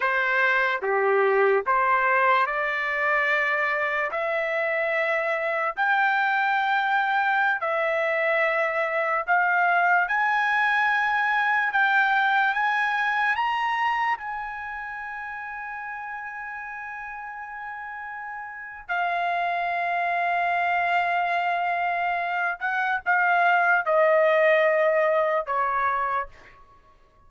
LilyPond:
\new Staff \with { instrumentName = "trumpet" } { \time 4/4 \tempo 4 = 73 c''4 g'4 c''4 d''4~ | d''4 e''2 g''4~ | g''4~ g''16 e''2 f''8.~ | f''16 gis''2 g''4 gis''8.~ |
gis''16 ais''4 gis''2~ gis''8.~ | gis''2. f''4~ | f''2.~ f''8 fis''8 | f''4 dis''2 cis''4 | }